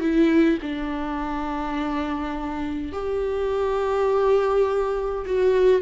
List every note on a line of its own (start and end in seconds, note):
0.00 0.58 E4
0.62 2.92 D4
2.92 5.25 G4
5.26 5.81 F#4